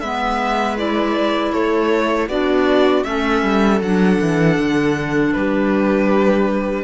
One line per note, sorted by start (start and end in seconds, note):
0.00 1.53 G#3
0.00 0.77 B3
0.00 1.53 B4
0.00 0.76 E5
0.77 2.29 E4
0.77 1.53 D5
1.53 2.29 A3
1.53 2.29 A4
1.53 2.28 C#5
2.29 3.05 B3
2.29 3.04 D4
2.29 3.05 F#4
2.29 3.04 D5
3.04 3.43 A3
3.04 3.80 C#4
3.04 5.37 A4
3.04 3.80 E5
3.43 3.81 G3
3.81 4.19 F#3
3.81 6.84 D4
3.81 5.33 F#5
4.22 4.59 E3
4.59 5.35 D3
5.33 6.84 G3
5.33 6.84 G4
5.33 6.84 B4